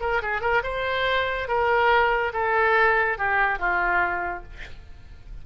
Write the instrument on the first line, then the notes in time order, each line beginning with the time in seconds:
oboe
0.00 A#4
0.22 G#4
0.41 A#4
0.63 C5
1.48 A#4
2.33 A4
3.18 G4
3.59 F4